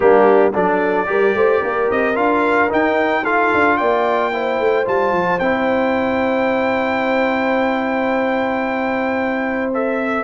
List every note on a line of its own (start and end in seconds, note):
0.00 0.55 G3
0.00 0.52 A#3
0.00 0.52 D4
0.00 0.52 G4
0.52 1.07 F#3
0.52 1.06 D4
0.52 1.06 A4
0.52 1.90 D5
1.06 1.34 G3
1.06 2.14 G4
1.06 1.36 A#4
1.34 1.61 A3
1.34 1.61 C5
1.61 1.90 A#3
1.61 3.23 A#4
1.90 2.17 C4
1.90 2.16 D#5
2.14 2.71 D4
2.14 2.68 F4
2.14 2.70 F5
2.69 3.23 D#4
2.69 3.53 D#4
2.69 3.25 G5
3.23 4.32 F4
3.23 3.77 A4
3.23 3.77 F5
3.53 3.80 D4
3.77 4.59 A#3
3.77 4.31 D5
3.77 4.85 G5
4.32 4.84 E4
4.32 10.23 C5
4.59 4.86 A3
4.84 5.12 G3
4.84 5.39 F4
4.84 5.39 A5
5.12 5.39 F3
5.39 10.23 C4
5.39 9.73 E4
5.39 9.71 G5
9.73 10.23 A4
9.73 10.23 E5